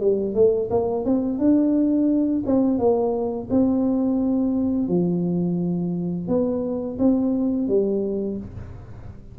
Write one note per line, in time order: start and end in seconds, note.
0.00 0.34 G3
0.34 0.69 A3
0.70 1.05 A#3
1.05 1.39 C4
1.39 2.43 D4
2.46 2.78 C4
2.78 3.48 A#3
3.50 4.88 C4
4.88 6.28 F3
6.28 6.98 B3
6.98 7.68 C4
7.68 8.38 G3